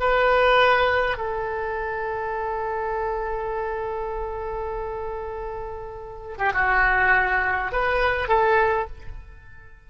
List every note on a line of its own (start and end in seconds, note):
0.00 1.17 B4
1.17 6.37 A4
6.38 6.53 G4
6.53 7.72 F#4
7.72 8.28 B4
8.28 8.88 A4